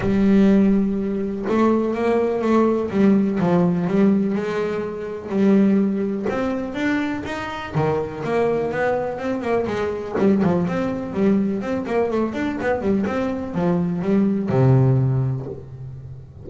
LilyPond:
\new Staff \with { instrumentName = "double bass" } { \time 4/4 \tempo 4 = 124 g2. a4 | ais4 a4 g4 f4 | g4 gis2 g4~ | g4 c'4 d'4 dis'4 |
dis4 ais4 b4 c'8 ais8 | gis4 g8 f8 c'4 g4 | c'8 ais8 a8 d'8 b8 g8 c'4 | f4 g4 c2 | }